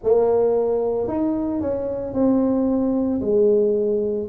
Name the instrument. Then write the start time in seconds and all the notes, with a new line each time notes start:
tuba
0.03 A#3
1.07 D#4
1.61 C#4
2.13 C4
3.21 G#3